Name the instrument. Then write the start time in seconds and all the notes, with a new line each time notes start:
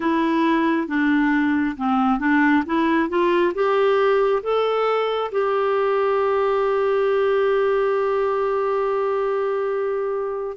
clarinet
0.00 E4
0.87 D4
1.76 C4
2.19 D4
2.66 E4
3.09 F4
3.54 G4
4.42 A4
5.31 G4